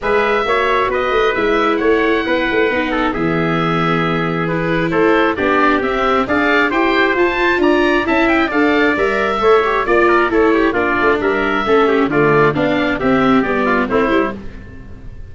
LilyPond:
<<
  \new Staff \with { instrumentName = "oboe" } { \time 4/4 \tempo 4 = 134 e''2 dis''4 e''4 | fis''2. e''4~ | e''2 b'4 c''4 | d''4 e''4 f''4 g''4 |
a''4 ais''4 a''8 g''8 f''4 | e''2 d''4 cis''4 | d''4 e''2 d''4 | f''4 e''4 d''4 c''4 | }
  \new Staff \with { instrumentName = "trumpet" } { \time 4/4 b'4 cis''4 b'2 | cis''4 b'4. a'8 gis'4~ | gis'2. a'4 | g'2 d''4 c''4~ |
c''4 d''4 e''4 d''4~ | d''4 cis''4 d''8 ais'8 a'8 g'8 | f'4 ais'4 a'8 g'8 f'4 | d'4 g'4. f'8 e'4 | }
  \new Staff \with { instrumentName = "viola" } { \time 4/4 gis'4 fis'2 e'4~ | e'2 dis'4 b4~ | b2 e'2 | d'4 c'4 gis'4 g'4 |
f'2 e'4 a'4 | ais'4 a'8 g'8 f'4 e'4 | d'2 cis'4 a4 | d'4 c'4 b4 c'8 e'8 | }
  \new Staff \with { instrumentName = "tuba" } { \time 4/4 gis4 ais4 b8 a8 gis4 | a4 b8 a8 b4 e4~ | e2. a4 | b4 c'4 d'4 e'4 |
f'4 d'4 cis'4 d'4 | g4 a4 ais4 a4 | ais8 a8 g4 a4 d4 | b4 c'4 g4 a8 g8 | }
>>